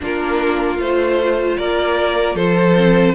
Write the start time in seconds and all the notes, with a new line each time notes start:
0.00 A#3 D4 F4 A#4
0.77 A3 F4 C5
1.57 A#3 A#4 D5
2.34 F3 A4 C5
2.75 C4